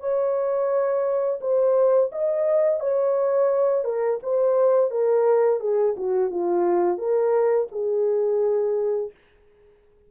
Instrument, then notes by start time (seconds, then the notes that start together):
horn
0.00 C#5
1.40 C5
2.12 D#5
2.80 C#5
3.84 A#4
4.23 C5
4.91 A#4
5.60 G#4
5.97 F#4
6.30 F4
6.98 A#4
7.72 G#4